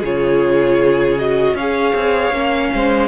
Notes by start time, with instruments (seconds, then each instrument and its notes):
0.00 cello C#3, viola F4, violin G#4 C#5
1.19 viola F#4, violin D#5
1.54 cello C#4, viola G#4, violin C#5 F5
1.95 cello C4
2.32 cello A#3, viola C#4
2.74 cello G#3, violin C5